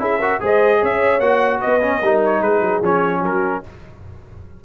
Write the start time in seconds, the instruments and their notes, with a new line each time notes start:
0.00 tuba C#4, trombone E4, horn G#4, trumpet E5
0.20 trombone F#4, horn A#4
0.41 tuba G#3, trombone G#4, horn C5, trumpet D#5
0.80 tuba C#4, horn C#5, trumpet E5
1.20 tuba A#3, trombone F#4, trumpet F#5
1.61 tuba B3, horn B4, trumpet D#5
1.82 trombone C#4
2.02 tuba G3, trombone D#4, horn A#4
2.25 trumpet C#5
2.42 tuba G#3, horn G#4, trumpet B4
2.61 tuba F#3
2.82 tuba F3, trombone C#4, trumpet C#5
3.20 tuba F#3, horn F#4, trumpet A#4